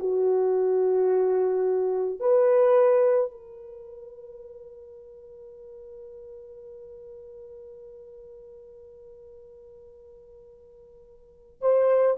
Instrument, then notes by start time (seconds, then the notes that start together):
horn
0.00 F#4
2.20 B4
3.31 A#4
11.62 C5